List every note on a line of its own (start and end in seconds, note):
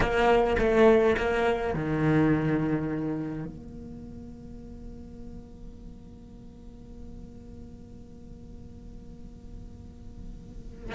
0.00 0.56 A#3
0.58 1.16 A3
1.17 1.74 A#3
1.74 3.45 D#3
3.45 10.95 A#3